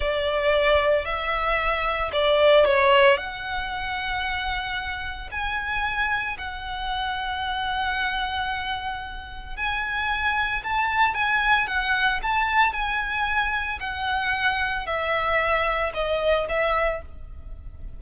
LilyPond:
\new Staff \with { instrumentName = "violin" } { \time 4/4 \tempo 4 = 113 d''2 e''2 | d''4 cis''4 fis''2~ | fis''2 gis''2 | fis''1~ |
fis''2 gis''2 | a''4 gis''4 fis''4 a''4 | gis''2 fis''2 | e''2 dis''4 e''4 | }